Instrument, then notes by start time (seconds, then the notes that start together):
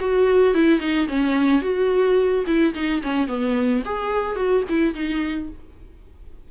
viola
0.00 F#4
0.54 E4
0.80 D#4
1.08 C#4
1.62 F#4
2.46 E4
2.74 D#4
3.03 C#4
3.28 B3
3.85 G#4
4.36 F#4
4.69 E4
4.94 D#4